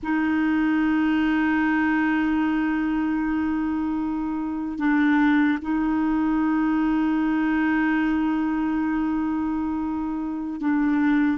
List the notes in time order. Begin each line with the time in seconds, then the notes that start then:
0.02 D#4
4.78 D4
5.61 D#4
10.60 D4